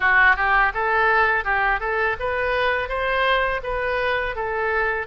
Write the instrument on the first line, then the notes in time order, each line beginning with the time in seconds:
oboe
0.00 F#4
0.36 G4
0.74 A4
1.44 G4
1.80 A4
2.19 B4
2.88 C5
3.63 B4
4.35 A4